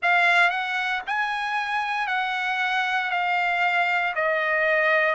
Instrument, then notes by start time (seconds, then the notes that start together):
trumpet
0.02 F5
0.49 F#5
1.06 G#5
2.07 F#5
3.10 F5
4.15 D#5